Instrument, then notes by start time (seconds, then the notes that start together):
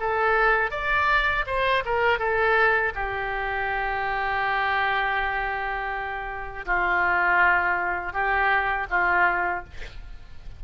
oboe
0.00 A4
0.71 D5
1.47 C5
1.86 A#4
2.19 A4
2.95 G4
6.66 F4
8.13 G4
8.90 F4